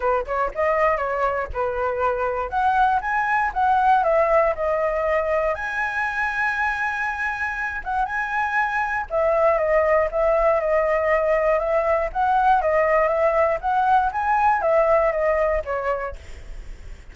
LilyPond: \new Staff \with { instrumentName = "flute" } { \time 4/4 \tempo 4 = 119 b'8 cis''8 dis''4 cis''4 b'4~ | b'4 fis''4 gis''4 fis''4 | e''4 dis''2 gis''4~ | gis''2.~ gis''8 fis''8 |
gis''2 e''4 dis''4 | e''4 dis''2 e''4 | fis''4 dis''4 e''4 fis''4 | gis''4 e''4 dis''4 cis''4 | }